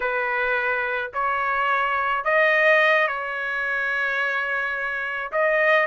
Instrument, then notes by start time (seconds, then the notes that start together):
trumpet
0.00 B4
1.13 C#5
2.24 D#5
3.07 C#5
5.31 D#5